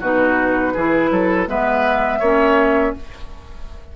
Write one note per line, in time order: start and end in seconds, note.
0.00 0.74 B2
0.00 0.76 D#4
0.00 0.73 F#4
0.00 1.48 B4
0.73 1.11 E3
0.73 1.47 E4
0.73 1.10 G#4
1.11 1.47 F#3
1.11 1.49 A4
1.47 2.20 G#3
1.47 2.20 B3
1.47 2.19 B4
1.47 2.95 E5
2.19 2.93 A#3
2.19 2.96 C#4
2.19 2.93 C#5